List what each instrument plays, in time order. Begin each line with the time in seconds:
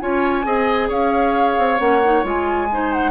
0.00 bassoon C#4, clarinet F4, oboe C#5, flute G#5
0.44 bassoon C4, clarinet G#4, oboe D#5
0.89 bassoon C#4, oboe C#5, flute F5
1.58 bassoon C4
1.78 bassoon A#3, clarinet C#4, flute F#5
2.05 clarinet D#4
2.24 bassoon G#3, clarinet F4, flute G#5
2.72 clarinet D#4, oboe C5
2.93 flute F#5